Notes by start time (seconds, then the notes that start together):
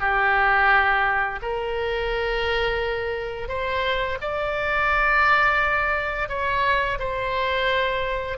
0.00 G4
1.42 A#4
3.49 C5
4.21 D5
6.29 C#5
6.99 C5